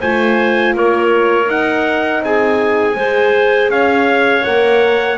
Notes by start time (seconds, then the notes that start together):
0.00 A3 F4 C5 G#5
0.74 A#3 A#4 C#5
1.46 D#4 F#5
2.20 C4 G#4 G#5
2.95 G#3 G#4 C5
3.69 C#4 C#5 F5
4.44 A#3 A#4 F#5